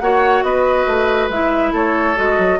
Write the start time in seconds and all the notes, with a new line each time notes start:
0.00 A#3 F#4 C#5 F#5
0.43 B3 B4 D#5
0.87 A3
1.29 G#3 E4 E5
1.73 A3 A4 C#5
2.16 G#3 F#4 D#5
2.38 F#3